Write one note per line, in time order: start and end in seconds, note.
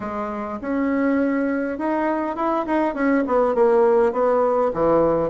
0.00 0.59 G#3
0.61 1.78 C#4
1.78 2.36 D#4
2.36 2.65 E4
2.66 2.94 D#4
2.94 3.24 C#4
3.26 3.55 B3
3.55 4.12 A#3
4.12 4.71 B3
4.73 5.29 E3